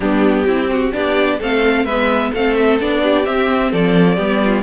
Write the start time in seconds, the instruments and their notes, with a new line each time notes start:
0.00 cello G3, viola B3, violin D4 G4
0.45 cello C4, viola C4, violin E4
0.71 violin F#4
0.92 cello B3, viola D4, violin G4 D5
1.39 cello A3, viola C4, violin A4 F5
1.84 cello G#3, viola B3, violin B4 E5
2.32 cello A3, viola C4, violin A4 F5
2.54 violin E5
2.80 cello B3, viola D4, violin D5
3.03 violin G4
3.24 viola C4, cello C4, violin E5
3.71 cello F3, violin A4 D5
4.16 cello G3, viola B3, violin G4
4.44 violin F4